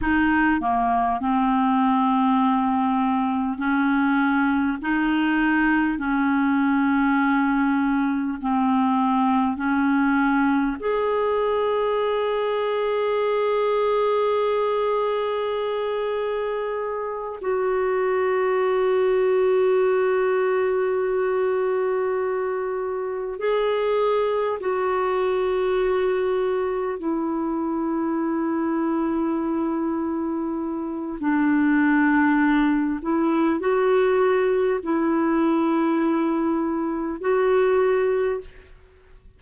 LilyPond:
\new Staff \with { instrumentName = "clarinet" } { \time 4/4 \tempo 4 = 50 dis'8 ais8 c'2 cis'4 | dis'4 cis'2 c'4 | cis'4 gis'2.~ | gis'2~ gis'8 fis'4.~ |
fis'2.~ fis'8 gis'8~ | gis'8 fis'2 e'4.~ | e'2 d'4. e'8 | fis'4 e'2 fis'4 | }